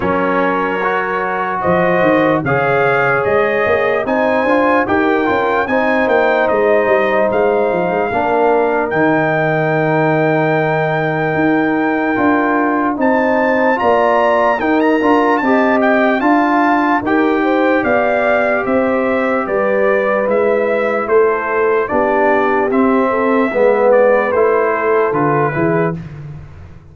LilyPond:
<<
  \new Staff \with { instrumentName = "trumpet" } { \time 4/4 \tempo 4 = 74 cis''2 dis''4 f''4 | dis''4 gis''4 g''4 gis''8 g''8 | dis''4 f''2 g''4~ | g''1 |
a''4 ais''4 g''16 ais''8. a''8 g''8 | a''4 g''4 f''4 e''4 | d''4 e''4 c''4 d''4 | e''4. d''8 c''4 b'4 | }
  \new Staff \with { instrumentName = "horn" } { \time 4/4 ais'2 c''4 cis''4~ | cis''4 c''4 ais'4 c''4~ | c''2 ais'2~ | ais'1 |
c''4 d''4 ais'4 dis''4 | f''4 ais'8 c''8 d''4 c''4 | b'2 a'4 g'4~ | g'8 a'8 b'4. a'4 gis'8 | }
  \new Staff \with { instrumentName = "trombone" } { \time 4/4 cis'4 fis'2 gis'4~ | gis'4 dis'8 f'8 g'8 f'8 dis'4~ | dis'2 d'4 dis'4~ | dis'2. f'4 |
dis'4 f'4 dis'8 f'8 g'4 | f'4 g'2.~ | g'4 e'2 d'4 | c'4 b4 e'4 f'8 e'8 | }
  \new Staff \with { instrumentName = "tuba" } { \time 4/4 fis2 f8 dis8 cis4 | gis8 ais8 c'8 d'8 dis'8 cis'8 c'8 ais8 | gis8 g8 gis8 f16 gis16 ais4 dis4~ | dis2 dis'4 d'4 |
c'4 ais4 dis'8 d'8 c'4 | d'4 dis'4 b4 c'4 | g4 gis4 a4 b4 | c'4 gis4 a4 d8 e8 | }
>>